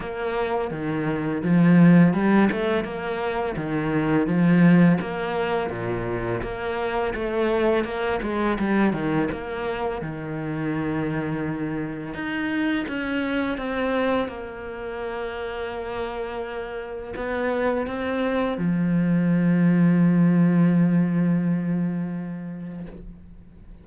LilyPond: \new Staff \with { instrumentName = "cello" } { \time 4/4 \tempo 4 = 84 ais4 dis4 f4 g8 a8 | ais4 dis4 f4 ais4 | ais,4 ais4 a4 ais8 gis8 | g8 dis8 ais4 dis2~ |
dis4 dis'4 cis'4 c'4 | ais1 | b4 c'4 f2~ | f1 | }